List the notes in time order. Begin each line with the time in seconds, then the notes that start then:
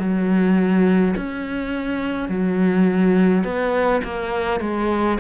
0.00 F#3
1.17 C#4
2.29 F#3
3.44 B3
4.04 A#3
4.61 G#3